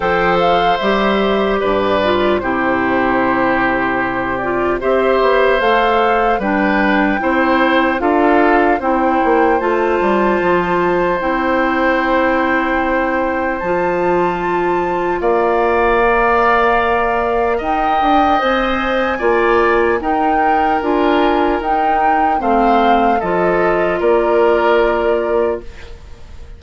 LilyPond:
<<
  \new Staff \with { instrumentName = "flute" } { \time 4/4 \tempo 4 = 75 g''8 f''8 e''4 d''4 c''4~ | c''4. d''8 e''4 f''4 | g''2 f''4 g''4 | a''2 g''2~ |
g''4 a''2 f''4~ | f''2 g''4 gis''4~ | gis''4 g''4 gis''4 g''4 | f''4 dis''4 d''2 | }
  \new Staff \with { instrumentName = "oboe" } { \time 4/4 c''2 b'4 g'4~ | g'2 c''2 | b'4 c''4 a'4 c''4~ | c''1~ |
c''2. d''4~ | d''2 dis''2 | d''4 ais'2. | c''4 a'4 ais'2 | }
  \new Staff \with { instrumentName = "clarinet" } { \time 4/4 a'4 g'4. f'8 e'4~ | e'4. f'8 g'4 a'4 | d'4 e'4 f'4 e'4 | f'2 e'2~ |
e'4 f'2. | ais'2. c''4 | f'4 dis'4 f'4 dis'4 | c'4 f'2. | }
  \new Staff \with { instrumentName = "bassoon" } { \time 4/4 f4 g4 g,4 c4~ | c2 c'8 b8 a4 | g4 c'4 d'4 c'8 ais8 | a8 g8 f4 c'2~ |
c'4 f2 ais4~ | ais2 dis'8 d'8 c'4 | ais4 dis'4 d'4 dis'4 | a4 f4 ais2 | }
>>